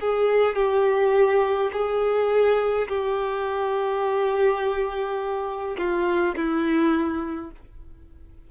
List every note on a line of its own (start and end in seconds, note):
0.00 0.55 G#4
0.55 1.70 G4
1.73 2.88 G#4
2.88 5.76 G4
5.77 6.35 F4
6.36 7.51 E4